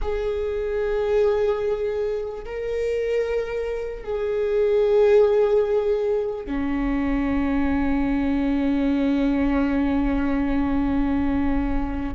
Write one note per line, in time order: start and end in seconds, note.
0.01 2.44 G#4
2.45 4.04 A#4
4.04 6.46 G#4
6.46 12.14 C#4